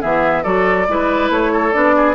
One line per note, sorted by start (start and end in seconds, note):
0.00 0.44 E3
0.00 0.44 B3
0.00 0.43 G#4
0.00 0.43 E5
0.43 0.87 F#3
0.43 0.87 F#4
0.43 0.86 A4
0.43 1.29 D5
0.88 1.29 G#3
0.88 1.72 E4
0.88 1.52 B4
1.29 1.72 A3
1.29 1.72 C#5
1.52 1.95 A4
1.72 2.15 B3
1.72 2.15 D4
1.72 2.15 D5
1.96 2.15 G#4